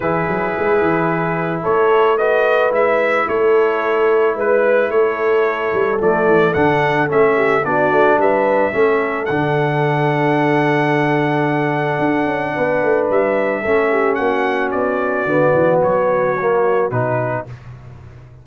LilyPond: <<
  \new Staff \with { instrumentName = "trumpet" } { \time 4/4 \tempo 4 = 110 b'2. cis''4 | dis''4 e''4 cis''2 | b'4 cis''2 d''4 | fis''4 e''4 d''4 e''4~ |
e''4 fis''2.~ | fis''1 | e''2 fis''4 d''4~ | d''4 cis''2 b'4 | }
  \new Staff \with { instrumentName = "horn" } { \time 4/4 gis'2. a'4 | b'2 a'2 | b'4 a'2.~ | a'4. g'8 fis'4 b'4 |
a'1~ | a'2. b'4~ | b'4 a'8 g'8 fis'2~ | fis'1 | }
  \new Staff \with { instrumentName = "trombone" } { \time 4/4 e'1 | fis'4 e'2.~ | e'2. a4 | d'4 cis'4 d'2 |
cis'4 d'2.~ | d'1~ | d'4 cis'2. | b2 ais4 dis'4 | }
  \new Staff \with { instrumentName = "tuba" } { \time 4/4 e8 fis8 gis8 e4. a4~ | a4 gis4 a2 | gis4 a4. g8 f8 e8 | d4 a4 b8 a8 g4 |
a4 d2.~ | d2 d'8 cis'8 b8 a8 | g4 a4 ais4 b4 | d8 e8 fis2 b,4 | }
>>